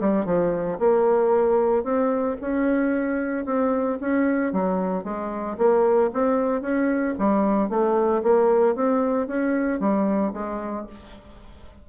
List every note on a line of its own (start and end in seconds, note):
0.00 0.25 G3
0.25 0.78 F3
0.79 1.83 A#3
1.83 2.37 C4
2.41 3.45 C#4
3.45 3.98 C4
4.00 4.53 C#4
4.53 5.04 F#3
5.04 5.57 G#3
5.57 6.10 A#3
6.13 6.61 C4
6.61 7.14 C#4
7.18 7.69 G3
7.69 8.22 A3
8.23 8.75 A#3
8.75 9.27 C4
9.27 9.80 C#4
9.80 10.33 G3
10.33 10.86 G#3